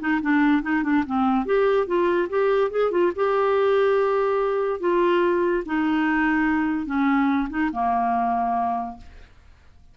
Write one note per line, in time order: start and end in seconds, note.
0.00 0.21 D#4
0.21 0.62 D4
0.62 0.83 D#4
0.83 1.04 D4
1.06 1.45 C4
1.45 1.87 G4
1.87 2.28 F4
2.29 2.71 G4
2.71 2.91 G#4
2.91 3.12 F4
3.16 4.80 G4
4.80 5.63 F4
5.66 6.86 D#4
6.86 7.48 C#4
7.50 7.70 D#4
7.72 8.97 A#3